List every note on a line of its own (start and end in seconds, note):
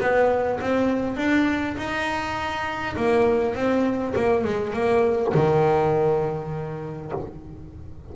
0.00 0.59 B3
0.60 1.16 C4
1.16 1.76 D4
1.77 2.95 D#4
2.96 3.55 A#3
3.55 4.14 C4
4.16 4.44 A#3
4.44 4.73 G#3
4.73 5.32 A#3
5.34 7.12 D#3